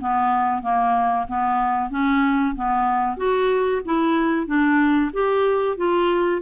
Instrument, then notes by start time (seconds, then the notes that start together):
clarinet
0.00 B3
0.62 A#3
1.28 B3
1.90 C#4
2.55 B3
3.17 F#4
3.85 E4
4.46 D4
5.13 G4
5.77 F4